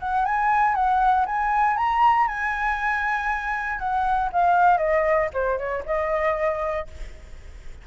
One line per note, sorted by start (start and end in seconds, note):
0.00 0.25 F#5
0.25 0.75 G#5
0.75 1.26 F#5
1.26 1.77 G#5
1.77 2.28 A#5
2.28 3.79 G#5
3.79 4.30 F#5
4.32 4.78 F5
4.78 5.29 D#5
5.34 5.58 C5
5.58 5.84 C#5
5.86 6.88 D#5